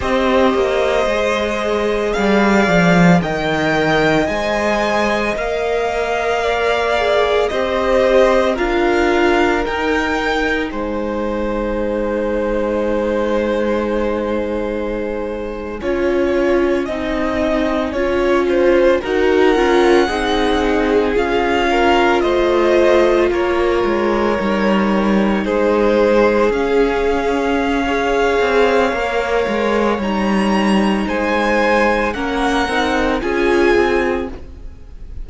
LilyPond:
<<
  \new Staff \with { instrumentName = "violin" } { \time 4/4 \tempo 4 = 56 dis''2 f''4 g''4 | gis''4 f''2 dis''4 | f''4 g''4 gis''2~ | gis''1~ |
gis''4.~ gis''16 fis''2 f''16~ | f''8. dis''4 cis''2 c''16~ | c''8. f''2.~ f''16 | ais''4 gis''4 fis''4 gis''4 | }
  \new Staff \with { instrumentName = "violin" } { \time 4/4 c''2 d''4 dis''4~ | dis''2 d''4 c''4 | ais'2 c''2~ | c''2~ c''8. cis''4 dis''16~ |
dis''8. cis''8 c''8 ais'4 gis'4~ gis'16~ | gis'16 ais'8 c''4 ais'2 gis'16~ | gis'2 cis''2~ | cis''4 c''4 ais'4 gis'4 | }
  \new Staff \with { instrumentName = "viola" } { \time 4/4 g'4 gis'2 ais'4 | c''4 ais'4. gis'8 g'4 | f'4 dis'2.~ | dis'2~ dis'8. f'4 dis'16~ |
dis'8. f'4 fis'8 f'8 dis'4 f'16~ | f'2~ f'8. dis'4~ dis'16~ | dis'8. cis'4~ cis'16 gis'4 ais'4 | dis'2 cis'8 dis'8 f'4 | }
  \new Staff \with { instrumentName = "cello" } { \time 4/4 c'8 ais8 gis4 g8 f8 dis4 | gis4 ais2 c'4 | d'4 dis'4 gis2~ | gis2~ gis8. cis'4 c'16~ |
c'8. cis'4 dis'8 cis'8 c'4 cis'16~ | cis'8. a4 ais8 gis8 g4 gis16~ | gis8. cis'4.~ cis'16 c'8 ais8 gis8 | g4 gis4 ais8 c'8 cis'8 c'8 | }
>>